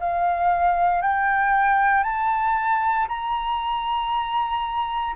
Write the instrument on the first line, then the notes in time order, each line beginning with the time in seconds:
flute
0.00 F5
1.02 G5
2.04 A5
3.08 A#5